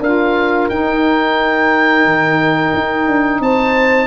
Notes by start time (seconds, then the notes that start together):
0.00 D4 F4 A#4 F5
0.70 D#4 G5
2.05 D#3
2.74 D#4
3.07 D4
3.40 C4 C5 A5